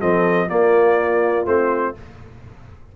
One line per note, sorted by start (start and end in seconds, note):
0.00 0.49 F3
0.00 0.49 C4
0.00 0.49 A4
0.00 0.49 D#5
0.49 1.46 A#3
0.49 1.96 F4
0.49 1.47 D5
1.46 1.95 A3
1.46 1.95 C4
1.46 1.96 C5